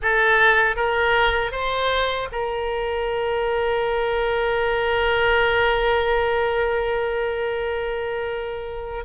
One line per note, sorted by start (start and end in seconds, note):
0.02 0.76 A4
0.76 1.51 A#4
1.51 2.28 C5
2.31 9.04 A#4